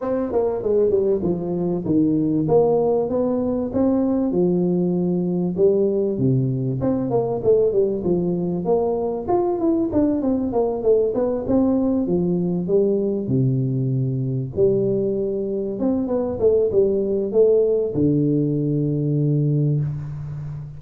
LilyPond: \new Staff \with { instrumentName = "tuba" } { \time 4/4 \tempo 4 = 97 c'8 ais8 gis8 g8 f4 dis4 | ais4 b4 c'4 f4~ | f4 g4 c4 c'8 ais8 | a8 g8 f4 ais4 f'8 e'8 |
d'8 c'8 ais8 a8 b8 c'4 f8~ | f8 g4 c2 g8~ | g4. c'8 b8 a8 g4 | a4 d2. | }